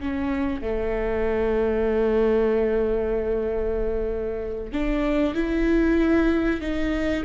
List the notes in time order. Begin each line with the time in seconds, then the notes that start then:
0.00 C#4
0.62 A3
4.72 D4
5.34 E4
6.61 D#4